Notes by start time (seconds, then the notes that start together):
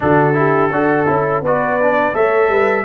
0.00 D3 D4 F#4 A4
0.34 E4 G4
0.71 D4 F#4 A4
1.06 C#4 E4
1.41 B3 F#4 B4 D5
1.80 D4
2.13 A3 A4 C#5 E5
2.49 G3 B4